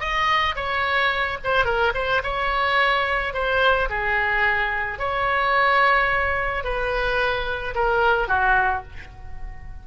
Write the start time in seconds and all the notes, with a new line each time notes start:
0.00 D#5
0.55 C#5
1.44 C5
1.65 A#4
1.94 C5
2.23 C#5
3.34 C5
3.89 G#4
4.99 C#5
6.64 B4
7.75 A#4
8.28 F#4